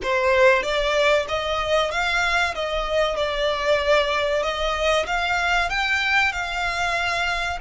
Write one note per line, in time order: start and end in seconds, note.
0.02 0.63 C5
0.63 1.26 D5
1.28 1.91 D#5
1.91 2.54 F5
2.54 3.16 D#5
3.16 4.42 D5
4.42 5.06 D#5
5.06 5.69 F5
5.69 6.32 G5
6.32 7.58 F5